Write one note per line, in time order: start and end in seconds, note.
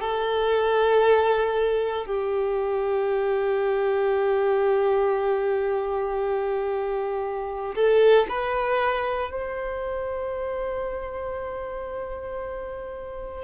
0.00 2.05 A4
2.05 7.74 G4
7.75 8.27 A4
8.29 9.30 B4
9.30 13.44 C5